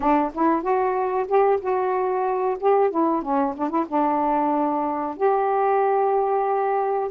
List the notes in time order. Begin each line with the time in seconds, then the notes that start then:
0.00 D4
0.34 E4
0.62 F#4
1.27 G4
1.60 F#4
2.60 G4
2.90 E4
3.22 C#4
3.57 D4
3.69 E4
3.88 D4
5.16 G4